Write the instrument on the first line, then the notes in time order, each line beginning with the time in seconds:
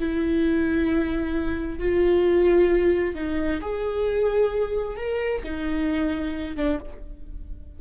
viola
0.00 E4
1.79 F4
3.15 D#4
3.61 G#4
4.97 A#4
5.43 D#4
6.57 D4